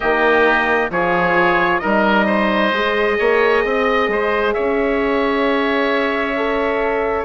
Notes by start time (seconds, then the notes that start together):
0.00 D#3 A#3 G4 D#5
0.90 F3 F4 G#4 C#5
1.79 G3 D#4 A#4 D#5
2.26 C5
2.72 G#3 G#4
3.18 A#3 C#5
3.64 C4 D#5
4.08 G#3 C5
4.53 C#4 C#5 E5
6.36 A4